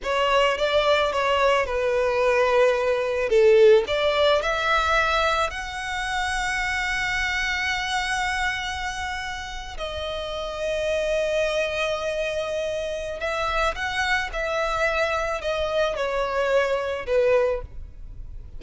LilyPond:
\new Staff \with { instrumentName = "violin" } { \time 4/4 \tempo 4 = 109 cis''4 d''4 cis''4 b'4~ | b'2 a'4 d''4 | e''2 fis''2~ | fis''1~ |
fis''4.~ fis''16 dis''2~ dis''16~ | dis''1 | e''4 fis''4 e''2 | dis''4 cis''2 b'4 | }